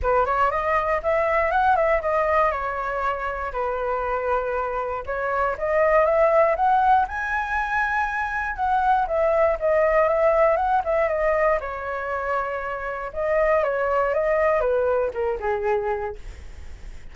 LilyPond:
\new Staff \with { instrumentName = "flute" } { \time 4/4 \tempo 4 = 119 b'8 cis''8 dis''4 e''4 fis''8 e''8 | dis''4 cis''2 b'4~ | b'2 cis''4 dis''4 | e''4 fis''4 gis''2~ |
gis''4 fis''4 e''4 dis''4 | e''4 fis''8 e''8 dis''4 cis''4~ | cis''2 dis''4 cis''4 | dis''4 b'4 ais'8 gis'4. | }